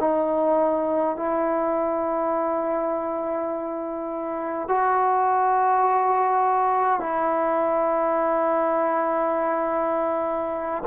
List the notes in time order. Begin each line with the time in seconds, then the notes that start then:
0.00 D#4
1.16 E4
4.68 F#4
7.00 E4